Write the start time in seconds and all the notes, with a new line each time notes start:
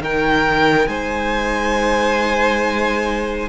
0.00 D#3 D#4 A#4 G5
0.87 G#3 C5 G#5